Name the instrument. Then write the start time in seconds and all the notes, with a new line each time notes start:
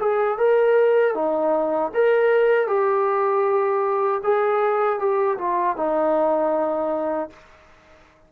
trombone
0.00 G#4
0.38 A#4
1.15 D#4
1.94 A#4
2.68 G4
4.24 G#4
5.00 G4
5.38 F4
5.77 D#4